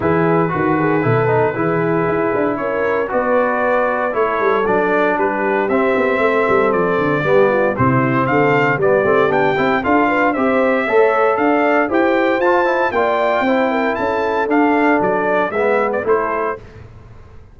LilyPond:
<<
  \new Staff \with { instrumentName = "trumpet" } { \time 4/4 \tempo 4 = 116 b'1~ | b'4 cis''4 d''2 | cis''4 d''4 b'4 e''4~ | e''4 d''2 c''4 |
f''4 d''4 g''4 f''4 | e''2 f''4 g''4 | a''4 g''2 a''4 | f''4 d''4 e''8. d''16 c''4 | }
  \new Staff \with { instrumentName = "horn" } { \time 4/4 gis'4 fis'8 gis'8 a'4 gis'4~ | gis'4 ais'4 b'2 | a'2 g'2 | a'2 g'8 f'8 e'4 |
a'4 g'2 a'8 b'8 | c''4 cis''4 d''4 c''4~ | c''4 d''4 c''8 ais'8 a'4~ | a'2 b'4 a'4 | }
  \new Staff \with { instrumentName = "trombone" } { \time 4/4 e'4 fis'4 e'8 dis'8 e'4~ | e'2 fis'2 | e'4 d'2 c'4~ | c'2 b4 c'4~ |
c'4 b8 c'8 d'8 e'8 f'4 | g'4 a'2 g'4 | f'8 e'8 f'4 e'2 | d'2 b4 e'4 | }
  \new Staff \with { instrumentName = "tuba" } { \time 4/4 e4 dis4 b,4 e4 | e'8 d'8 cis'4 b2 | a8 g8 fis4 g4 c'8 b8 | a8 g8 f8 d8 g4 c4 |
d4 g8 a8 b8 c'8 d'4 | c'4 a4 d'4 e'4 | f'4 ais4 c'4 cis'4 | d'4 fis4 gis4 a4 | }
>>